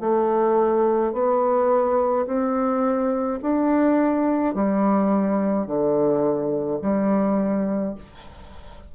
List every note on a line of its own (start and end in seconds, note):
0.00 1.13 A3
1.13 2.26 B3
2.26 3.40 C4
3.42 4.54 D4
4.54 5.67 G3
5.67 6.80 D3
6.82 7.95 G3